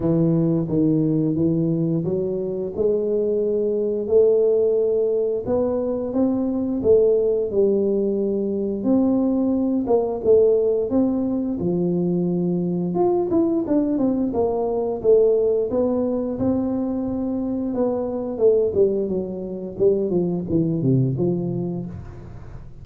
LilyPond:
\new Staff \with { instrumentName = "tuba" } { \time 4/4 \tempo 4 = 88 e4 dis4 e4 fis4 | gis2 a2 | b4 c'4 a4 g4~ | g4 c'4. ais8 a4 |
c'4 f2 f'8 e'8 | d'8 c'8 ais4 a4 b4 | c'2 b4 a8 g8 | fis4 g8 f8 e8 c8 f4 | }